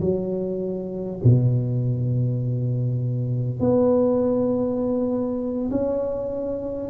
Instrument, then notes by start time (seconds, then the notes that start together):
tuba
0.00 F#3
1.24 B2
3.59 B3
5.71 C#4